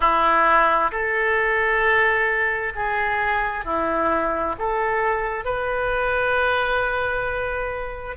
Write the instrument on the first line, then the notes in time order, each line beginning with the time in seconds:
oboe
0.00 E4
0.91 A4
2.75 G#4
3.64 E4
4.58 A4
5.44 B4